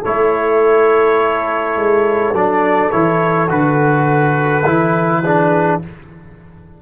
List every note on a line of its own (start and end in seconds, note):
0.00 1.76 A3
0.00 2.34 E4
0.00 5.19 A4
0.00 2.35 C#5
1.76 2.32 G#3
2.32 2.90 F#3
2.32 2.91 D4
2.32 2.90 D5
2.90 3.50 E3
2.90 3.49 E4
2.90 3.48 C#5
3.49 4.64 D3
3.49 4.64 F#4
3.49 5.81 B4
4.64 5.80 E3
4.64 5.23 E4
5.23 5.81 D4
5.23 5.81 G#4